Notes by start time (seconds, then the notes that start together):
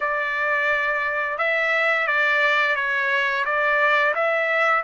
0.00 D5
1.38 E5
2.07 D5
2.75 C#5
3.45 D5
4.14 E5